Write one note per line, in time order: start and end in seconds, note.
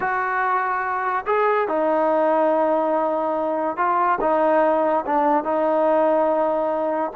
0.00 1.25 F#4
1.26 1.68 G#4
1.68 3.76 D#4
3.76 4.18 F4
4.21 5.04 D#4
5.06 5.43 D4
5.43 7.11 D#4